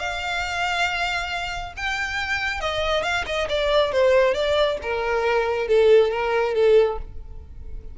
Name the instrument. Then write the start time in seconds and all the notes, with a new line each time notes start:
violin
0.00 F5
1.77 G5
2.61 D#5
3.04 F5
3.27 D#5
3.49 D5
3.93 C5
4.35 D5
4.83 A#4
5.69 A4
6.12 A#4
6.55 A4